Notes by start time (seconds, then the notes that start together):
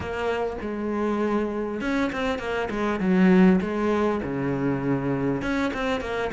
0.00 A#3
0.61 G#3
1.81 C#4
2.12 C4
2.38 A#3
2.70 G#3
2.99 F#3
3.61 G#3
4.23 C#3
5.42 C#4
5.73 C4
6.00 A#3